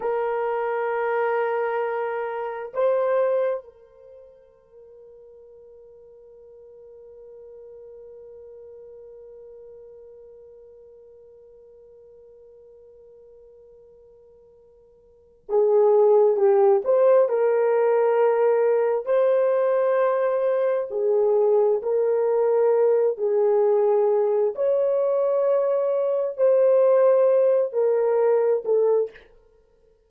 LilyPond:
\new Staff \with { instrumentName = "horn" } { \time 4/4 \tempo 4 = 66 ais'2. c''4 | ais'1~ | ais'1~ | ais'1~ |
ais'4 gis'4 g'8 c''8 ais'4~ | ais'4 c''2 gis'4 | ais'4. gis'4. cis''4~ | cis''4 c''4. ais'4 a'8 | }